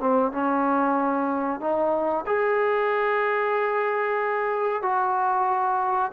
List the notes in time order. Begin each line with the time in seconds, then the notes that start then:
0.00 C4
0.32 C#4
1.61 D#4
2.26 G#4
4.83 F#4